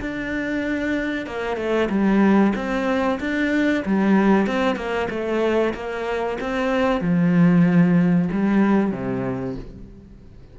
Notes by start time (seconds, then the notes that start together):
0.00 D4
1.26 A#3
1.56 A3
1.89 G3
2.55 C4
3.19 D4
3.85 G3
4.47 C4
4.76 A#3
5.09 A3
5.74 A#3
6.40 C4
7.01 F3
8.32 G3
8.91 C3